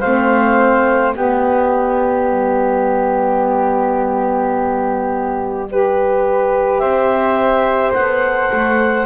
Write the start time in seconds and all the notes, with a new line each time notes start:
0.00 A3 C4 C5 F5
1.12 B3 G4 D5
2.28 G3
5.70 G4 B4
6.78 C4 C5 E5
7.94 B3 A4 F#5
8.52 A3